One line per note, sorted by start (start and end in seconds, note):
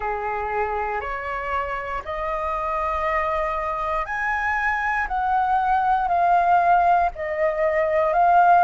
0.00 1.00 G#4
1.00 2.02 C#5
2.04 4.05 D#5
4.05 5.07 G#5
5.07 6.07 F#5
6.07 7.09 F5
7.15 8.13 D#5
8.13 8.64 F5